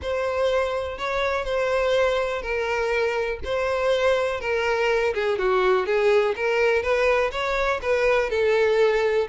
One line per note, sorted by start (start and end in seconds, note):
0.02 0.98 C5
0.98 1.44 C#5
1.44 2.42 C5
2.42 3.39 A#4
3.44 4.40 C5
4.40 5.13 A#4
5.14 5.38 G#4
5.38 5.86 F#4
5.86 6.35 G#4
6.35 6.82 A#4
6.82 7.31 B4
7.31 7.80 C#5
7.82 8.30 B4
8.30 9.27 A4